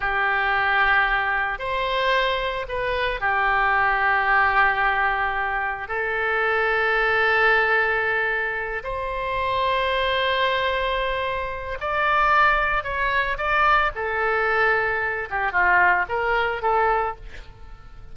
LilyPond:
\new Staff \with { instrumentName = "oboe" } { \time 4/4 \tempo 4 = 112 g'2. c''4~ | c''4 b'4 g'2~ | g'2. a'4~ | a'1~ |
a'8 c''2.~ c''8~ | c''2 d''2 | cis''4 d''4 a'2~ | a'8 g'8 f'4 ais'4 a'4 | }